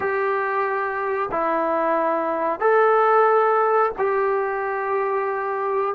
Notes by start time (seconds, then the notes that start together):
0.00 G4
1.31 E4
2.60 A4
3.98 G4